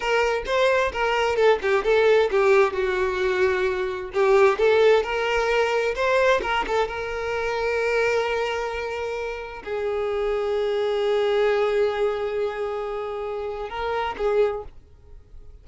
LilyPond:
\new Staff \with { instrumentName = "violin" } { \time 4/4 \tempo 4 = 131 ais'4 c''4 ais'4 a'8 g'8 | a'4 g'4 fis'2~ | fis'4 g'4 a'4 ais'4~ | ais'4 c''4 ais'8 a'8 ais'4~ |
ais'1~ | ais'4 gis'2.~ | gis'1~ | gis'2 ais'4 gis'4 | }